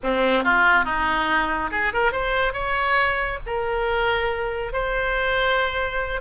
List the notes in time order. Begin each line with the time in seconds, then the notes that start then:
0.03 C4
0.44 F4
0.84 D#4
1.71 G#4
1.93 A#4
2.11 C5
2.53 C#5
3.46 A#4
4.73 C5